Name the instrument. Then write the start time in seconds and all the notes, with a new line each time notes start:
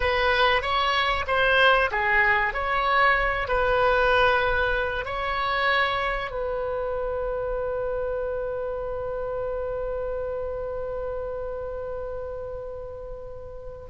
oboe
0.00 B4
0.62 C#5
1.27 C5
1.91 G#4
2.53 C#5
3.48 B4
5.05 C#5
6.30 B4